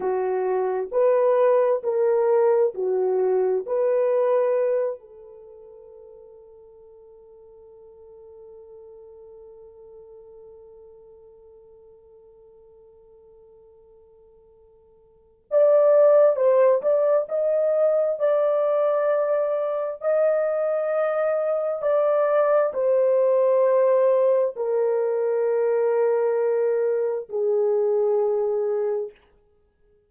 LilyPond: \new Staff \with { instrumentName = "horn" } { \time 4/4 \tempo 4 = 66 fis'4 b'4 ais'4 fis'4 | b'4. a'2~ a'8~ | a'1~ | a'1~ |
a'4 d''4 c''8 d''8 dis''4 | d''2 dis''2 | d''4 c''2 ais'4~ | ais'2 gis'2 | }